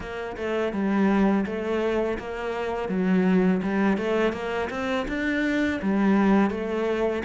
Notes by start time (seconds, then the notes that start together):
0.00 A#3
0.36 A3
0.72 G3
1.46 A3
2.18 A#3
2.88 F#3
3.62 G3
3.97 A3
4.32 A#3
4.70 C4
5.08 D4
5.82 G3
6.50 A3